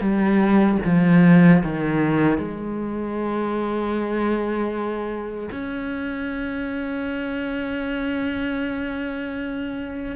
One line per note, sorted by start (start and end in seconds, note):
0.00 0.78 G3
0.85 1.63 F3
1.63 2.38 D#3
2.38 5.49 G#3
5.51 10.15 C#4